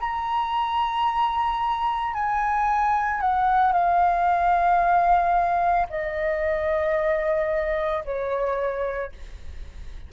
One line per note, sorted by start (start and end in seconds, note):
0.00 2.13 A#5
2.13 3.20 G#5
3.20 3.73 F#5
3.73 5.87 F5
5.89 8.04 D#5
8.05 9.12 C#5